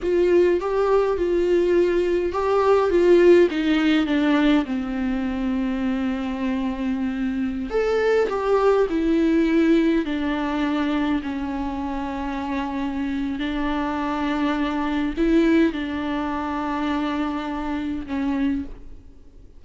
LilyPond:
\new Staff \with { instrumentName = "viola" } { \time 4/4 \tempo 4 = 103 f'4 g'4 f'2 | g'4 f'4 dis'4 d'4 | c'1~ | c'4~ c'16 a'4 g'4 e'8.~ |
e'4~ e'16 d'2 cis'8.~ | cis'2. d'4~ | d'2 e'4 d'4~ | d'2. cis'4 | }